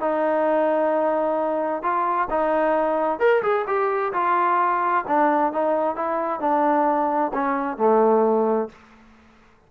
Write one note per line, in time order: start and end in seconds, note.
0.00 1.82 D#4
1.82 2.28 F4
2.30 3.19 D#4
3.19 3.42 A#4
3.42 3.65 G#4
3.67 4.13 G4
4.13 5.04 F4
5.07 5.53 D4
5.53 5.95 D#4
5.95 6.40 E4
6.40 7.32 D4
7.33 7.77 C#4
7.77 8.69 A3